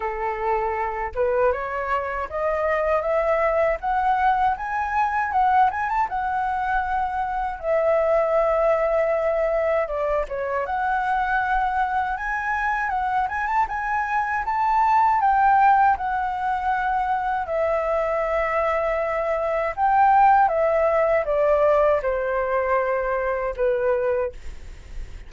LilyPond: \new Staff \with { instrumentName = "flute" } { \time 4/4 \tempo 4 = 79 a'4. b'8 cis''4 dis''4 | e''4 fis''4 gis''4 fis''8 gis''16 a''16 | fis''2 e''2~ | e''4 d''8 cis''8 fis''2 |
gis''4 fis''8 gis''16 a''16 gis''4 a''4 | g''4 fis''2 e''4~ | e''2 g''4 e''4 | d''4 c''2 b'4 | }